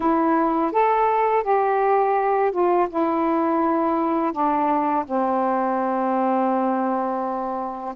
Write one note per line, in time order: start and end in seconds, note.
0.00 0.72 E4
0.72 1.43 A4
1.43 2.51 G4
2.51 2.88 F4
2.89 4.32 E4
4.32 5.04 D4
5.05 7.94 C4